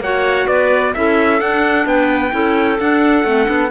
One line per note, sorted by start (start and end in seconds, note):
0.00 0.46 A#3
0.00 0.94 F#4
0.00 0.47 C#5
0.00 0.47 F#5
0.47 0.94 B3
0.47 0.93 B4
0.47 0.93 D5
0.94 1.41 C#4
0.94 1.39 E4
0.94 1.87 A4
0.94 1.40 E5
1.39 2.31 D4
1.39 1.86 D4
1.39 1.86 F#5
1.86 2.32 B3
1.86 2.33 B4
1.86 2.79 G5
2.31 2.79 C#4
2.31 2.77 E4
2.31 3.71 A4
2.80 3.24 D4
2.80 3.26 D4
2.80 3.71 F#5
3.24 3.47 A3
3.24 3.44 C4
3.44 3.71 B3
3.44 3.67 D4